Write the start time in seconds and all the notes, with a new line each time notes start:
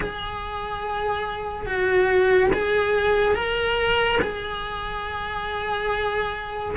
0.00 G#4
1.66 F#4
2.53 G#4
3.35 A#4
4.21 G#4